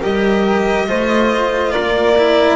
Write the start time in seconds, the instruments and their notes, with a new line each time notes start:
0.00 double bass G3, cello G4, flute A#4, violin D#5
0.87 double bass A3, cello F4, flute C5
1.72 double bass A#3, flute A#4, violin D5
2.17 cello E4